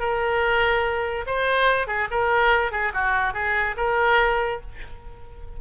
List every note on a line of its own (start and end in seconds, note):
0.00 1.26 A#4
1.27 1.88 C5
1.88 2.09 G#4
2.11 2.72 A#4
2.72 2.93 G#4
2.94 3.34 F#4
3.34 3.76 G#4
3.77 4.61 A#4